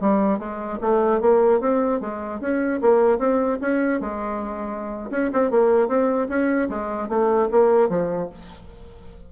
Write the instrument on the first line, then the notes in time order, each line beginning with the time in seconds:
bassoon
0.00 G3
0.38 G#3
0.81 A3
1.20 A#3
1.60 C4
2.00 G#3
2.40 C#4
2.81 A#3
3.18 C4
3.61 C#4
4.00 G#3
5.10 C#4
5.33 C4
5.50 A#3
5.88 C4
6.29 C#4
6.69 G#3
7.09 A3
7.51 A#3
7.89 F3